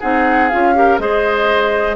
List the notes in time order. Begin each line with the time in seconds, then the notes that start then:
0.00 C4 D#4 G#4 F#5
0.49 C#4 F4 F5
0.75 G4 A#4
0.99 G#3 G#4 C5 D#5